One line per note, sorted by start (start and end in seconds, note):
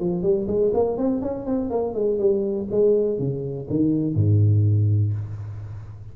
0.00 0.23 F3
0.23 0.47 G3
0.48 0.72 G#3
0.74 0.98 A#3
0.98 1.22 C4
1.22 1.46 C#4
1.46 1.71 C4
1.71 1.94 A#3
1.94 2.19 G#3
2.19 2.68 G3
2.71 3.19 G#3
3.19 3.68 C#3
3.70 4.15 D#3
4.15 5.14 G#2